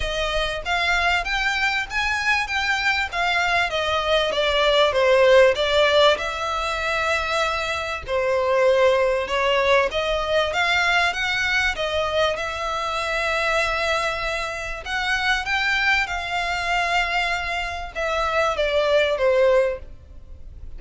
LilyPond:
\new Staff \with { instrumentName = "violin" } { \time 4/4 \tempo 4 = 97 dis''4 f''4 g''4 gis''4 | g''4 f''4 dis''4 d''4 | c''4 d''4 e''2~ | e''4 c''2 cis''4 |
dis''4 f''4 fis''4 dis''4 | e''1 | fis''4 g''4 f''2~ | f''4 e''4 d''4 c''4 | }